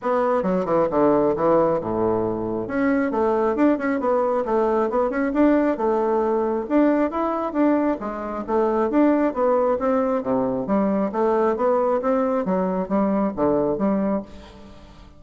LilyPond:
\new Staff \with { instrumentName = "bassoon" } { \time 4/4 \tempo 4 = 135 b4 fis8 e8 d4 e4 | a,2 cis'4 a4 | d'8 cis'8 b4 a4 b8 cis'8 | d'4 a2 d'4 |
e'4 d'4 gis4 a4 | d'4 b4 c'4 c4 | g4 a4 b4 c'4 | fis4 g4 d4 g4 | }